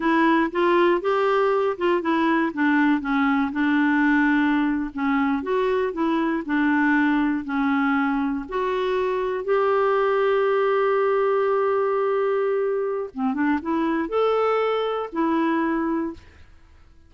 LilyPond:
\new Staff \with { instrumentName = "clarinet" } { \time 4/4 \tempo 4 = 119 e'4 f'4 g'4. f'8 | e'4 d'4 cis'4 d'4~ | d'4.~ d'16 cis'4 fis'4 e'16~ | e'8. d'2 cis'4~ cis'16~ |
cis'8. fis'2 g'4~ g'16~ | g'1~ | g'2 c'8 d'8 e'4 | a'2 e'2 | }